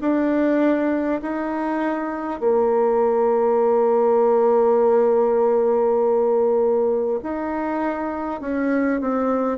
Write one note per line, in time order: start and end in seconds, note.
0.00 1.20 D4
1.22 2.40 D#4
2.40 7.20 A#3
7.22 8.40 D#4
8.40 9.00 C#4
9.00 9.58 C4